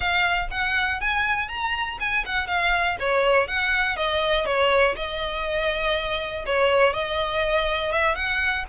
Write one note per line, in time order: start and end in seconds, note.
0.00 0.48 F5
0.50 1.00 F#5
1.00 1.48 G#5
1.48 1.98 A#5
1.99 2.24 G#5
2.25 2.47 F#5
2.47 2.96 F5
2.99 3.47 C#5
3.47 3.96 F#5
3.96 4.45 D#5
4.45 4.95 C#5
4.95 6.44 D#5
6.46 6.93 C#5
6.93 7.91 D#5
7.91 8.15 E5
8.15 8.65 F#5